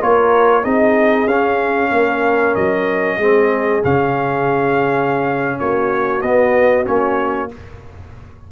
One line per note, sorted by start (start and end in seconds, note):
0.00 0.65 A#3
0.00 0.64 F4
0.00 0.63 A#4
0.00 0.64 C#5
0.63 1.26 C4
0.63 1.27 D#4
0.63 1.90 G#4
0.63 1.28 D#5
1.26 1.90 C#4
1.26 3.20 C#4
1.26 2.55 F5
1.91 2.55 A#3
1.91 3.18 A#4
2.55 3.17 F#3
2.55 3.83 D#5
3.17 3.81 G#3
3.17 3.82 C4
3.17 5.58 G#4
3.82 5.60 C#3
3.82 6.22 C#4
3.82 5.60 F5
5.60 6.22 A#3
5.60 7.52 F#4
5.60 6.21 C#5
6.21 6.86 B3
6.21 6.85 B3
6.21 6.85 D#5
6.85 7.52 A#3
6.85 7.49 C#4
6.85 7.50 C#5